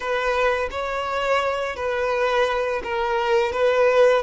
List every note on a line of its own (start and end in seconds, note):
0.00 0.69 B4
0.71 1.76 C#5
1.76 2.81 B4
2.83 3.52 A#4
3.52 4.22 B4